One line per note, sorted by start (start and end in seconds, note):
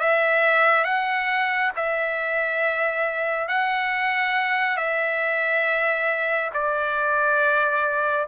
0.00 0.84 E5
0.84 1.71 F#5
1.76 3.48 E5
3.48 4.77 F#5
4.77 6.51 E5
6.54 8.28 D5